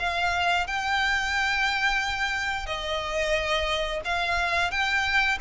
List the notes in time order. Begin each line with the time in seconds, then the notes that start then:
0.00 F5
0.67 G5
2.67 D#5
4.05 F5
4.71 G5